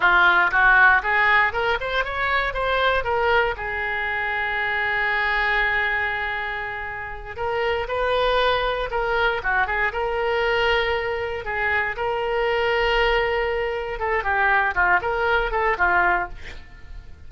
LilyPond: \new Staff \with { instrumentName = "oboe" } { \time 4/4 \tempo 4 = 118 f'4 fis'4 gis'4 ais'8 c''8 | cis''4 c''4 ais'4 gis'4~ | gis'1~ | gis'2~ gis'8 ais'4 b'8~ |
b'4. ais'4 fis'8 gis'8 ais'8~ | ais'2~ ais'8 gis'4 ais'8~ | ais'2.~ ais'8 a'8 | g'4 f'8 ais'4 a'8 f'4 | }